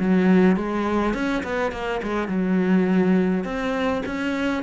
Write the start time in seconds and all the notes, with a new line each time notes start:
0.00 F#3
0.57 G#3
1.14 C#4
1.44 B3
1.72 A#3
2.03 G#3
2.28 F#3
3.45 C4
4.06 C#4